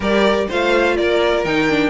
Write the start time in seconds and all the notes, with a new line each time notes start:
0.00 G3 G4 A#4 D5
0.48 A3 F4 C5 F5
0.96 A#3 A#4 D5
1.44 D#3 D#4 G5
1.69 D4